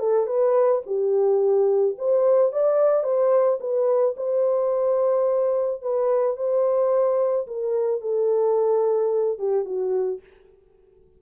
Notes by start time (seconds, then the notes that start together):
0.00 A4
0.27 B4
0.87 G4
1.98 C5
2.52 D5
3.04 C5
3.61 B4
4.17 C5
5.82 B4
6.37 C5
7.47 A#4
8.01 A4
9.39 G4
9.66 F#4